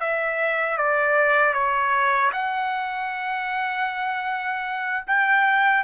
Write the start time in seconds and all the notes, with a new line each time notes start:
0.00 E5
0.77 D5
1.53 C#5
2.32 F#5
5.07 G5